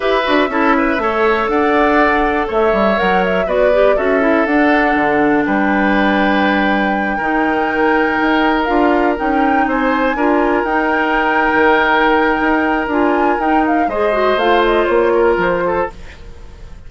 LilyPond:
<<
  \new Staff \with { instrumentName = "flute" } { \time 4/4 \tempo 4 = 121 e''2. fis''4~ | fis''4 e''4 fis''8 e''8 d''4 | e''4 fis''2 g''4~ | g''1~ |
g''4. f''4 g''4 gis''8~ | gis''4. g''2~ g''8~ | g''2 gis''4 g''8 f''8 | dis''4 f''8 dis''8 cis''4 c''4 | }
  \new Staff \with { instrumentName = "oboe" } { \time 4/4 b'4 a'8 b'8 cis''4 d''4~ | d''4 cis''2 b'4 | a'2. b'4~ | b'2~ b'8 ais'4.~ |
ais'2.~ ais'8 c''8~ | c''8 ais'2.~ ais'8~ | ais'1 | c''2~ c''8 ais'4 a'8 | }
  \new Staff \with { instrumentName = "clarinet" } { \time 4/4 g'8 fis'8 e'4 a'2~ | a'2 ais'4 fis'8 g'8 | fis'8 e'8 d'2.~ | d'2~ d'8 dis'4.~ |
dis'4. f'4 dis'4.~ | dis'8 f'4 dis'2~ dis'8~ | dis'2 f'4 dis'4 | gis'8 fis'8 f'2. | }
  \new Staff \with { instrumentName = "bassoon" } { \time 4/4 e'8 d'8 cis'4 a4 d'4~ | d'4 a8 g8 fis4 b4 | cis'4 d'4 d4 g4~ | g2~ g8 dis4.~ |
dis8 dis'4 d'4 cis'4 c'8~ | c'8 d'4 dis'4.~ dis'16 dis8.~ | dis4 dis'4 d'4 dis'4 | gis4 a4 ais4 f4 | }
>>